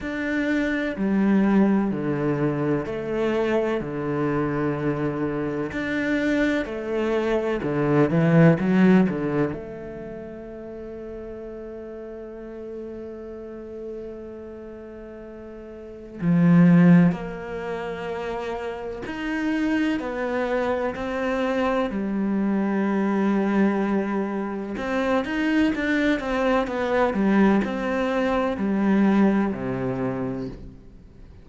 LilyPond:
\new Staff \with { instrumentName = "cello" } { \time 4/4 \tempo 4 = 63 d'4 g4 d4 a4 | d2 d'4 a4 | d8 e8 fis8 d8 a2~ | a1~ |
a4 f4 ais2 | dis'4 b4 c'4 g4~ | g2 c'8 dis'8 d'8 c'8 | b8 g8 c'4 g4 c4 | }